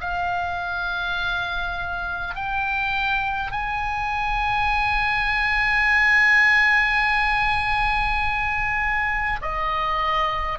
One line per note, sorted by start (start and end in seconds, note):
0.00 2.35 F5
2.35 3.51 G5
3.51 9.40 G#5
9.41 10.59 D#5